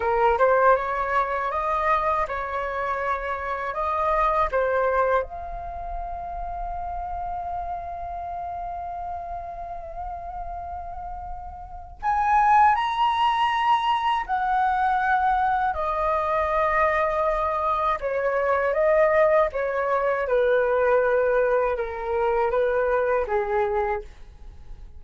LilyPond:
\new Staff \with { instrumentName = "flute" } { \time 4/4 \tempo 4 = 80 ais'8 c''8 cis''4 dis''4 cis''4~ | cis''4 dis''4 c''4 f''4~ | f''1~ | f''1 |
gis''4 ais''2 fis''4~ | fis''4 dis''2. | cis''4 dis''4 cis''4 b'4~ | b'4 ais'4 b'4 gis'4 | }